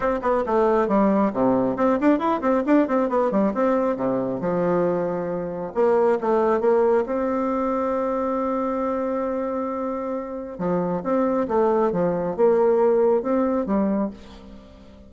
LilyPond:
\new Staff \with { instrumentName = "bassoon" } { \time 4/4 \tempo 4 = 136 c'8 b8 a4 g4 c4 | c'8 d'8 e'8 c'8 d'8 c'8 b8 g8 | c'4 c4 f2~ | f4 ais4 a4 ais4 |
c'1~ | c'1 | f4 c'4 a4 f4 | ais2 c'4 g4 | }